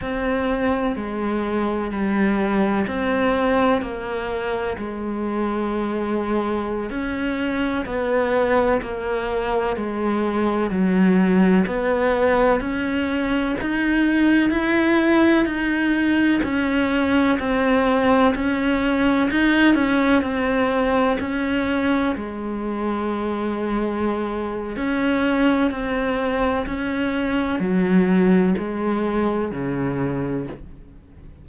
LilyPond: \new Staff \with { instrumentName = "cello" } { \time 4/4 \tempo 4 = 63 c'4 gis4 g4 c'4 | ais4 gis2~ gis16 cis'8.~ | cis'16 b4 ais4 gis4 fis8.~ | fis16 b4 cis'4 dis'4 e'8.~ |
e'16 dis'4 cis'4 c'4 cis'8.~ | cis'16 dis'8 cis'8 c'4 cis'4 gis8.~ | gis2 cis'4 c'4 | cis'4 fis4 gis4 cis4 | }